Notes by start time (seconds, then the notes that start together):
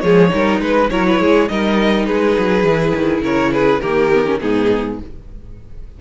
0.00 F3 G#3 G#4 C#5
0.29 G3 D#4 A#4
0.61 G#3 B4
0.90 F#3 E4 A#4 C#5
1.07 B4
1.20 G#3 G#4
1.49 G3 D#4 A#4 D#5
2.06 G#3 G#4 B4
2.37 F#3
2.64 E3 E4
2.95 D#3
3.21 C#3 A#4 C#5
3.53 G#4 B4
3.81 D#3 A#3 G4 A#4
4.13 B3
4.25 C#4
4.41 G#2 B3 D#4 G#4